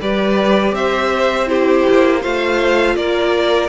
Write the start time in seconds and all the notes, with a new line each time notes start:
0.00 G3 G4 B4 D5
0.71 C4 C5 E5
1.46 E4 G4 C5
1.89 A#3
2.21 A3 F4 C5 F5
2.96 A#3 A#4 D5